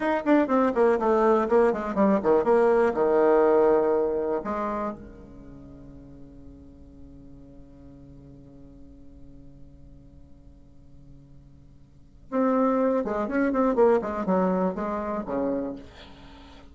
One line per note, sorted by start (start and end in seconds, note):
0.00 0.23 D#4
0.25 0.47 D4
0.47 0.72 C4
0.74 0.98 A#3
0.99 1.48 A3
1.48 1.72 A#3
1.72 1.94 G#3
1.94 2.19 G3
2.22 2.43 D#3
2.43 2.93 A#3
2.94 4.41 D#3
4.44 4.92 G#3
4.92 12.30 C#3
12.30 13.04 C4
13.04 13.28 G#3
13.28 13.52 C#4
13.52 13.75 C4
13.75 14.00 A#3
14.01 14.25 G#3
14.25 14.74 F#3
14.74 15.23 G#3
15.25 15.75 C#3